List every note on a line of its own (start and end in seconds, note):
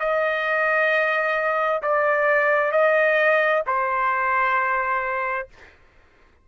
0.00 1.82 D#5
1.83 2.72 D5
2.72 3.63 D#5
3.67 5.49 C5